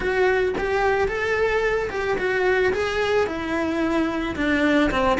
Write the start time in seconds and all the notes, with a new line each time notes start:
0.00 F#4
0.58 G4
1.08 A4
1.90 G4
2.18 F#4
2.73 G#4
3.26 E4
4.36 D4
4.91 C4